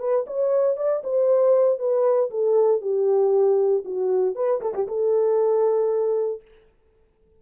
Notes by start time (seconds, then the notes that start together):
0.00 B4
0.27 C#5
0.77 D5
1.04 C5
1.79 B4
2.31 A4
2.82 G4
3.85 F#4
4.35 B4
4.62 A4
4.75 G4
4.88 A4